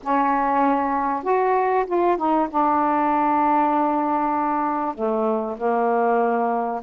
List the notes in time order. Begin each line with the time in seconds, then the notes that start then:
0.03 C#4
1.23 F#4
1.86 F4
2.16 D#4
2.50 D4
4.95 A3
5.57 A#3